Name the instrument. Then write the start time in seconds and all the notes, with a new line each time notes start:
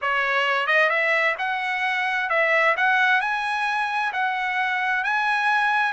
trumpet
0.01 C#5
0.66 D#5
0.89 E5
1.38 F#5
2.29 E5
2.76 F#5
3.20 G#5
4.12 F#5
5.03 G#5